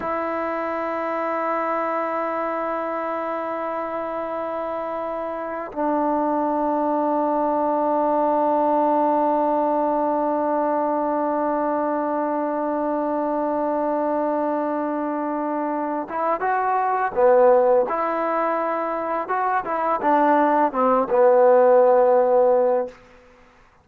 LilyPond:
\new Staff \with { instrumentName = "trombone" } { \time 4/4 \tempo 4 = 84 e'1~ | e'1 | d'1~ | d'1~ |
d'1~ | d'2~ d'8 e'8 fis'4 | b4 e'2 fis'8 e'8 | d'4 c'8 b2~ b8 | }